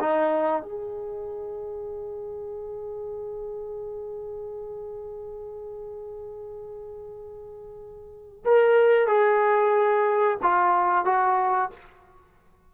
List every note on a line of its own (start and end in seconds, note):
0.00 0.63 D#4
0.63 8.45 G#4
8.45 9.08 A#4
9.08 10.38 G#4
10.43 11.06 F4
11.06 11.71 F#4